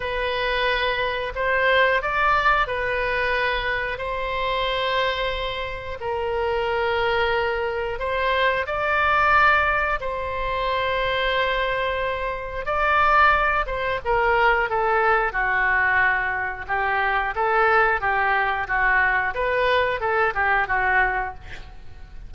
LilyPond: \new Staff \with { instrumentName = "oboe" } { \time 4/4 \tempo 4 = 90 b'2 c''4 d''4 | b'2 c''2~ | c''4 ais'2. | c''4 d''2 c''4~ |
c''2. d''4~ | d''8 c''8 ais'4 a'4 fis'4~ | fis'4 g'4 a'4 g'4 | fis'4 b'4 a'8 g'8 fis'4 | }